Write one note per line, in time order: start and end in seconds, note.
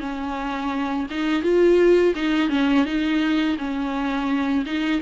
0.00 1.07 C#4
1.10 1.43 D#4
1.43 2.14 F4
2.16 2.50 D#4
2.50 2.85 C#4
2.85 3.57 D#4
3.58 4.65 C#4
4.66 5.02 D#4